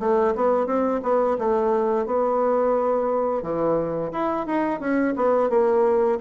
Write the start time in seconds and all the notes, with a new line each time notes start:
0.00 A3
0.35 B3
0.66 C4
1.03 B3
1.39 A3
2.06 B3
3.43 E3
4.12 E4
4.47 D#4
4.80 C#4
5.17 B3
5.50 A#3